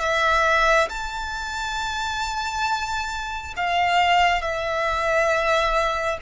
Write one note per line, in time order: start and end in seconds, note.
0.00 0.88 E5
0.89 3.54 A5
3.56 4.42 F5
4.42 6.18 E5